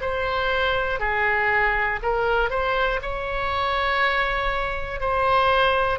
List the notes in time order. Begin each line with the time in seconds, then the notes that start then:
0.00 C5
1.00 G#4
2.02 A#4
2.50 C5
3.02 C#5
5.00 C5